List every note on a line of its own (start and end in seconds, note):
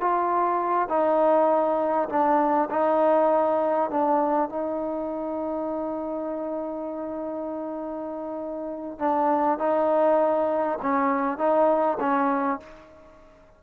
0.00 0.88 F4
0.88 2.08 D#4
2.09 2.69 D4
2.70 3.90 D#4
3.90 4.49 D4
4.49 8.98 D#4
8.98 9.58 D4
9.58 10.78 D#4
10.82 11.38 C#4
11.38 11.98 D#4
11.99 12.59 C#4